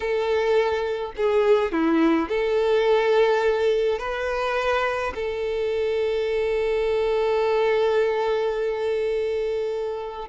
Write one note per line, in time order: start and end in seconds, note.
0.00 1.12 A4
1.16 1.72 G#4
1.72 2.29 E4
2.29 3.98 A4
3.98 5.13 B4
5.14 10.29 A4